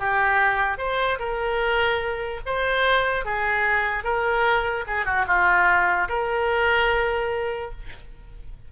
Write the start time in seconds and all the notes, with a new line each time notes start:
0.00 G4
0.78 C5
1.20 A#4
2.46 C5
3.25 G#4
4.04 A#4
4.87 G#4
5.06 F#4
5.28 F4
6.09 A#4